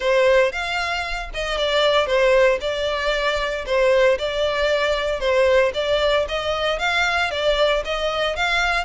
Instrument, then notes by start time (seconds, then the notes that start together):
violin
0.00 C5
0.51 F5
1.34 D#5
1.57 D5
2.06 C5
2.61 D5
3.65 C5
4.18 D5
5.19 C5
5.73 D5
6.28 D#5
6.78 F5
7.30 D5
7.85 D#5
8.35 F5